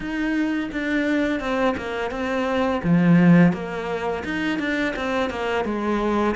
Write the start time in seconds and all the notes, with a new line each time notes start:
0.00 D#4
0.72 D4
1.40 C4
1.76 A#3
2.10 C4
2.83 F3
3.53 A#3
4.24 D#4
4.59 D4
4.95 C4
5.29 A#3
5.64 G#3